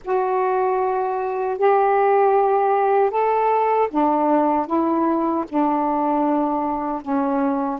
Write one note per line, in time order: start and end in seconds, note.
0.05 1.58 F#4
1.58 3.10 G4
3.10 3.88 A4
3.90 4.66 D4
4.66 5.44 E4
5.48 7.02 D4
7.02 7.79 C#4